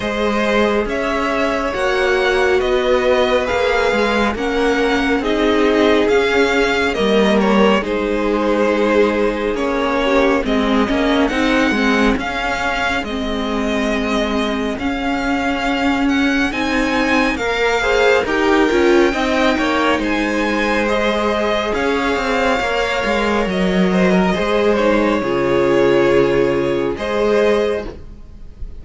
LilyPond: <<
  \new Staff \with { instrumentName = "violin" } { \time 4/4 \tempo 4 = 69 dis''4 e''4 fis''4 dis''4 | f''4 fis''4 dis''4 f''4 | dis''8 cis''8 c''2 cis''4 | dis''4 fis''4 f''4 dis''4~ |
dis''4 f''4. fis''8 gis''4 | f''4 g''2 gis''4 | dis''4 f''2 dis''4~ | dis''8 cis''2~ cis''8 dis''4 | }
  \new Staff \with { instrumentName = "violin" } { \time 4/4 c''4 cis''2 b'4~ | b'4 ais'4 gis'2 | ais'4 gis'2~ gis'8 g'8 | gis'1~ |
gis'1 | ais'8 c''8 ais'4 dis''8 cis''8 c''4~ | c''4 cis''2~ cis''8 c''16 ais'16 | c''4 gis'2 c''4 | }
  \new Staff \with { instrumentName = "viola" } { \time 4/4 gis'2 fis'2 | gis'4 cis'4 dis'4 cis'4 | ais4 dis'2 cis'4 | c'8 cis'8 dis'8 c'8 cis'4 c'4~ |
c'4 cis'2 dis'4 | ais'8 gis'8 g'8 f'8 dis'2 | gis'2 ais'2 | gis'8 dis'8 f'2 gis'4 | }
  \new Staff \with { instrumentName = "cello" } { \time 4/4 gis4 cis'4 ais4 b4 | ais8 gis8 ais4 c'4 cis'4 | g4 gis2 ais4 | gis8 ais8 c'8 gis8 cis'4 gis4~ |
gis4 cis'2 c'4 | ais4 dis'8 cis'8 c'8 ais8 gis4~ | gis4 cis'8 c'8 ais8 gis8 fis4 | gis4 cis2 gis4 | }
>>